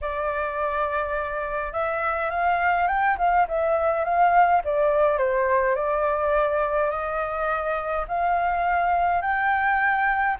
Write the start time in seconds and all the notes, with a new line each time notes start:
0.01 D5
1.72 E5
2.30 F5
2.87 G5
3.17 F5
3.48 E5
4.04 F5
4.64 D5
5.18 C5
5.75 D5
6.90 D#5
8.08 F5
9.21 G5